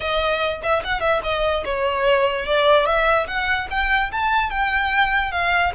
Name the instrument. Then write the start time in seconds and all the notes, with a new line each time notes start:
violin
0.00 D#5
0.63 E5
0.83 F#5
1.00 E5
1.23 D#5
1.64 C#5
2.45 D5
2.86 E5
3.27 F#5
3.70 G5
4.11 A5
4.50 G5
5.31 F5